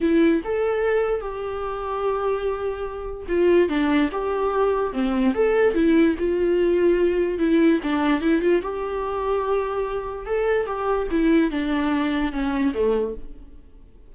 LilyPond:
\new Staff \with { instrumentName = "viola" } { \time 4/4 \tempo 4 = 146 e'4 a'2 g'4~ | g'1 | f'4 d'4 g'2 | c'4 a'4 e'4 f'4~ |
f'2 e'4 d'4 | e'8 f'8 g'2.~ | g'4 a'4 g'4 e'4 | d'2 cis'4 a4 | }